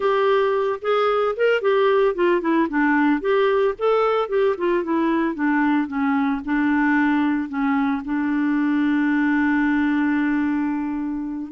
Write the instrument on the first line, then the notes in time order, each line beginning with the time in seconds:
clarinet
0.00 G4
0.81 G#4
1.36 A#4
1.61 G4
2.14 F4
2.41 E4
2.69 D4
3.20 G4
3.78 A4
4.28 G4
4.57 F4
4.83 E4
5.34 D4
5.87 C#4
6.44 D4
7.48 C#4
8.05 D4